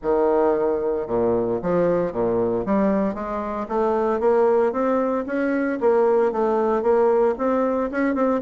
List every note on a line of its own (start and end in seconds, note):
0.02 1.07 D#3
1.07 1.59 A#2
1.62 2.12 F3
2.12 2.65 A#2
2.65 3.14 G3
3.14 3.67 G#3
3.68 4.20 A3
4.20 4.72 A#3
4.72 5.24 C4
5.26 5.79 C#4
5.80 6.32 A#3
6.32 6.82 A3
6.82 7.34 A#3
7.38 7.90 C4
7.91 8.14 C#4
8.14 8.41 C4